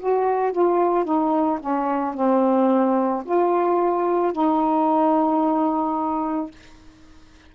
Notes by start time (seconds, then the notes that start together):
0.00 F#4
0.53 F4
1.05 D#4
1.60 C#4
2.15 C4
3.25 F4
4.33 D#4